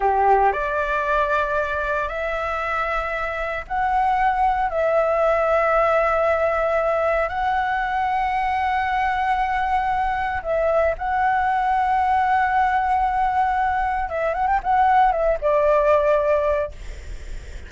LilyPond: \new Staff \with { instrumentName = "flute" } { \time 4/4 \tempo 4 = 115 g'4 d''2. | e''2. fis''4~ | fis''4 e''2.~ | e''2 fis''2~ |
fis''1 | e''4 fis''2.~ | fis''2. e''8 fis''16 g''16 | fis''4 e''8 d''2~ d''8 | }